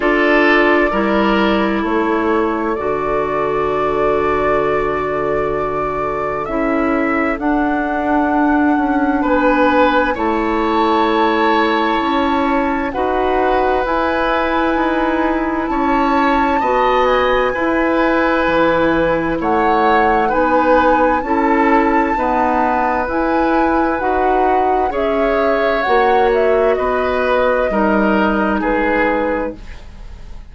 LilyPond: <<
  \new Staff \with { instrumentName = "flute" } { \time 4/4 \tempo 4 = 65 d''2 cis''4 d''4~ | d''2. e''4 | fis''2 gis''4 a''4~ | a''2 fis''4 gis''4~ |
gis''4 a''4. gis''4.~ | gis''4 fis''4 gis''4 a''4~ | a''4 gis''4 fis''4 e''4 | fis''8 e''8 dis''2 b'4 | }
  \new Staff \with { instrumentName = "oboe" } { \time 4/4 a'4 ais'4 a'2~ | a'1~ | a'2 b'4 cis''4~ | cis''2 b'2~ |
b'4 cis''4 dis''4 b'4~ | b'4 cis''4 b'4 a'4 | b'2. cis''4~ | cis''4 b'4 ais'4 gis'4 | }
  \new Staff \with { instrumentName = "clarinet" } { \time 4/4 f'4 e'2 fis'4~ | fis'2. e'4 | d'2. e'4~ | e'2 fis'4 e'4~ |
e'2 fis'4 e'4~ | e'2 dis'4 e'4 | b4 e'4 fis'4 gis'4 | fis'2 dis'2 | }
  \new Staff \with { instrumentName = "bassoon" } { \time 4/4 d'4 g4 a4 d4~ | d2. cis'4 | d'4. cis'8 b4 a4~ | a4 cis'4 dis'4 e'4 |
dis'4 cis'4 b4 e'4 | e4 a4 b4 cis'4 | dis'4 e'4 dis'4 cis'4 | ais4 b4 g4 gis4 | }
>>